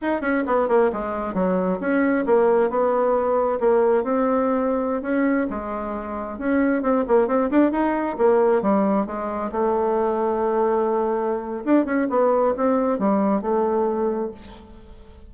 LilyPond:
\new Staff \with { instrumentName = "bassoon" } { \time 4/4 \tempo 4 = 134 dis'8 cis'8 b8 ais8 gis4 fis4 | cis'4 ais4 b2 | ais4 c'2~ c'16 cis'8.~ | cis'16 gis2 cis'4 c'8 ais16~ |
ais16 c'8 d'8 dis'4 ais4 g8.~ | g16 gis4 a2~ a8.~ | a2 d'8 cis'8 b4 | c'4 g4 a2 | }